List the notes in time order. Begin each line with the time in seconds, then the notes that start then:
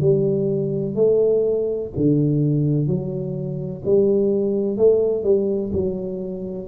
0.00 G3
0.95 A3
1.96 D3
2.87 F#3
3.85 G3
4.77 A3
5.23 G3
5.73 F#3